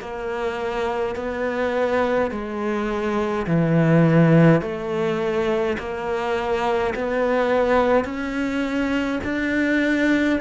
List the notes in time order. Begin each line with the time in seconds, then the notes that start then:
0.00 A#3
1.15 B3
2.31 G#3
3.47 E3
4.62 A3
5.78 A#3
6.95 B3
8.05 C#4
9.24 D4